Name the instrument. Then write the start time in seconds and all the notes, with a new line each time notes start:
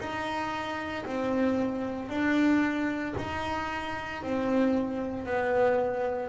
double bass
0.00 D#4
1.06 C4
2.10 D4
3.18 D#4
4.23 C4
5.26 B3